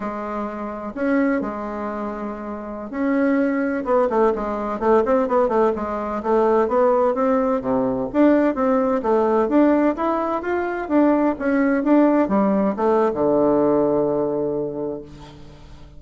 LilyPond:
\new Staff \with { instrumentName = "bassoon" } { \time 4/4 \tempo 4 = 128 gis2 cis'4 gis4~ | gis2~ gis16 cis'4.~ cis'16~ | cis'16 b8 a8 gis4 a8 c'8 b8 a16~ | a16 gis4 a4 b4 c'8.~ |
c'16 c4 d'4 c'4 a8.~ | a16 d'4 e'4 f'4 d'8.~ | d'16 cis'4 d'4 g4 a8. | d1 | }